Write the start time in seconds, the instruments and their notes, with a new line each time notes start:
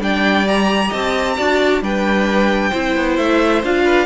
0.00 cello G3, viola D4, violin D5 G5
0.48 viola G4, violin A#5
0.89 cello C4, violin D#5 A5
1.37 cello D4, viola F#4, violin D5
1.82 cello G3, viola D4, violin B4 G5
2.70 cello C4, viola E4, violin C5
2.97 cello B3
3.17 cello A3, violin E5
3.63 cello D4, viola F4, violin F5
3.85 violin B4